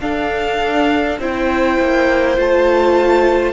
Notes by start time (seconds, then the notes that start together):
0.00 D4 A4 F5
1.18 C4 E4 C5 G5
1.79 A#3
2.37 A3 F4 A5